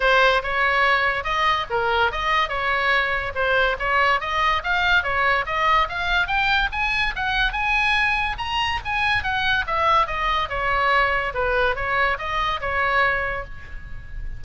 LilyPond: \new Staff \with { instrumentName = "oboe" } { \time 4/4 \tempo 4 = 143 c''4 cis''2 dis''4 | ais'4 dis''4 cis''2 | c''4 cis''4 dis''4 f''4 | cis''4 dis''4 f''4 g''4 |
gis''4 fis''4 gis''2 | ais''4 gis''4 fis''4 e''4 | dis''4 cis''2 b'4 | cis''4 dis''4 cis''2 | }